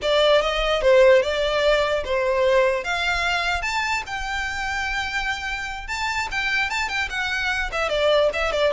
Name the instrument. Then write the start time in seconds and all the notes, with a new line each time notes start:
violin
0.02 D5
0.41 D#5
0.81 C5
1.22 D5
2.04 C5
2.84 F5
3.62 A5
4.06 G5
5.87 A5
6.31 G5
6.70 A5
6.88 G5
7.09 F#5
7.72 E5
7.89 D5
8.33 E5
8.52 D5